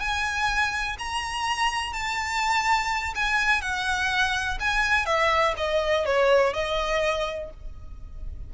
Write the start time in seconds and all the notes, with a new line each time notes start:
0.00 G#5
0.99 A#5
1.93 A5
3.15 G#5
3.62 F#5
4.60 G#5
5.06 E5
5.57 D#5
6.06 C#5
6.53 D#5